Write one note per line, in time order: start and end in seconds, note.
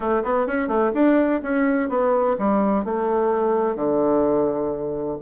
0.00 0.22 A3
0.23 0.46 B3
0.46 0.68 C#4
0.68 0.91 A3
0.93 1.41 D4
1.42 1.89 C#4
1.89 2.36 B3
2.38 2.84 G3
2.84 3.75 A3
3.75 5.17 D3